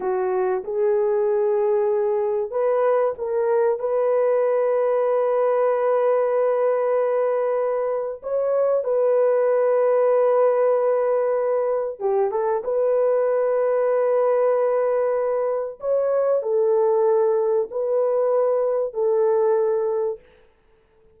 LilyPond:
\new Staff \with { instrumentName = "horn" } { \time 4/4 \tempo 4 = 95 fis'4 gis'2. | b'4 ais'4 b'2~ | b'1~ | b'4 cis''4 b'2~ |
b'2. g'8 a'8 | b'1~ | b'4 cis''4 a'2 | b'2 a'2 | }